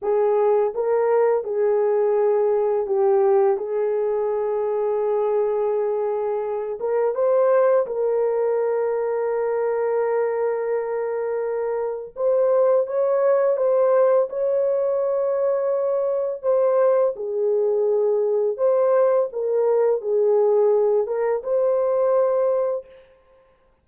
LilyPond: \new Staff \with { instrumentName = "horn" } { \time 4/4 \tempo 4 = 84 gis'4 ais'4 gis'2 | g'4 gis'2.~ | gis'4. ais'8 c''4 ais'4~ | ais'1~ |
ais'4 c''4 cis''4 c''4 | cis''2. c''4 | gis'2 c''4 ais'4 | gis'4. ais'8 c''2 | }